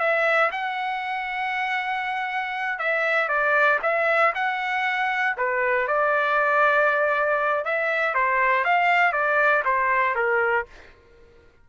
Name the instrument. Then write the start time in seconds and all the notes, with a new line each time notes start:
trumpet
0.00 E5
0.52 F#5
2.79 E5
3.29 D5
3.83 E5
4.35 F#5
5.37 B4
5.88 D5
7.65 E5
8.14 C5
8.65 F5
9.13 D5
9.65 C5
10.16 A#4